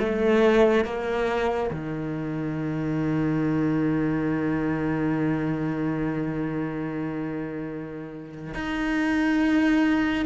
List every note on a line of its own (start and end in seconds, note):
0.00 0.85 A3
0.85 1.71 A#3
1.71 8.55 D#3
8.55 10.26 D#4